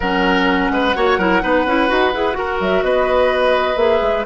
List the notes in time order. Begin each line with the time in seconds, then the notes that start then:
0.00 F#3 C#4 A#4 F#5
0.70 G#3 B4
0.95 A#3 F#4 C#5
1.17 F#3 E4 A#4
1.41 B3 D#4 B4
1.65 C#4 E4
1.88 D#4 F#4
2.13 E4 G#4
2.32 F#4 A#4
2.59 F#3 E5
2.82 B3 B4 D#5
3.75 A#3 G#4 E5
4.01 G#3